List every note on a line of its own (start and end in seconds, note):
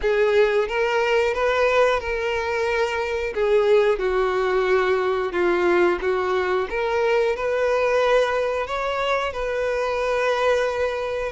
0.01 0.68 G#4
0.68 1.34 A#4
1.34 2.00 B4
2.00 3.33 A#4
3.34 3.98 G#4
3.98 5.32 F#4
5.32 5.98 F4
6.01 6.68 F#4
6.69 7.35 A#4
7.35 8.66 B4
8.66 9.32 C#5
9.32 11.32 B4